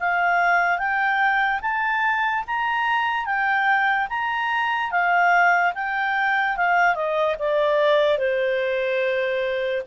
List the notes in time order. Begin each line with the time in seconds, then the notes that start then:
0.00 F5
0.78 G5
1.62 A5
2.47 A#5
3.25 G5
4.09 A#5
4.91 F5
5.75 G5
6.57 F5
6.95 D#5
7.39 D5
8.19 C5